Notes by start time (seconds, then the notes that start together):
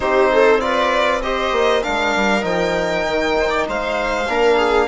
0.00 C4 D#4 G4 C5
0.32 A4
0.59 F4 B4 D5
1.22 G4 C5 D#5
1.52 A#3
1.82 G#3 D4 A#4 F5
2.15 G3
2.40 F3 D#4 G5
3.06 D#3
3.40 C5
3.49 D5
3.67 G#3 C5 F5
4.27 A#3 D4 A#4
4.56 G#4